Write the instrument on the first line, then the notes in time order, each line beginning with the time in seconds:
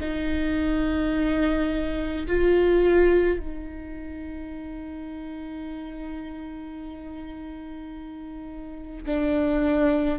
viola
0.00 D#4
2.26 F4
3.39 D#4
9.06 D4